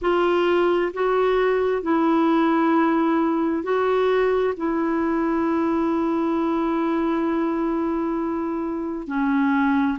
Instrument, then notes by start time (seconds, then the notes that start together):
clarinet
0.01 F4
0.93 F#4
1.82 E4
3.63 F#4
4.56 E4
9.07 C#4